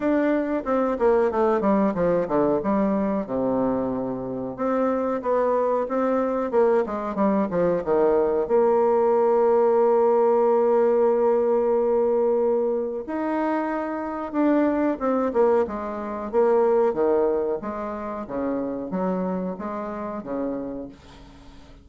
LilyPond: \new Staff \with { instrumentName = "bassoon" } { \time 4/4 \tempo 4 = 92 d'4 c'8 ais8 a8 g8 f8 d8 | g4 c2 c'4 | b4 c'4 ais8 gis8 g8 f8 | dis4 ais2.~ |
ais1 | dis'2 d'4 c'8 ais8 | gis4 ais4 dis4 gis4 | cis4 fis4 gis4 cis4 | }